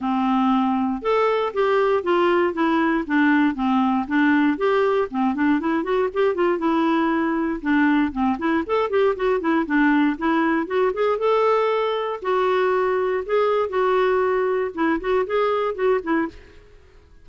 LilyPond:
\new Staff \with { instrumentName = "clarinet" } { \time 4/4 \tempo 4 = 118 c'2 a'4 g'4 | f'4 e'4 d'4 c'4 | d'4 g'4 c'8 d'8 e'8 fis'8 | g'8 f'8 e'2 d'4 |
c'8 e'8 a'8 g'8 fis'8 e'8 d'4 | e'4 fis'8 gis'8 a'2 | fis'2 gis'4 fis'4~ | fis'4 e'8 fis'8 gis'4 fis'8 e'8 | }